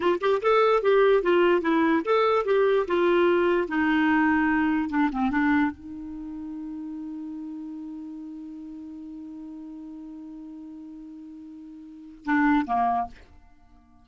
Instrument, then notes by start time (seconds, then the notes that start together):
clarinet
0.00 F4
0.20 G4
0.42 A4
0.82 G4
1.22 F4
1.61 E4
2.04 A4
2.45 G4
2.87 F4
3.67 D#4
4.89 D4
5.12 C4
5.30 D4
5.71 D#4
12.24 D4
12.66 A#3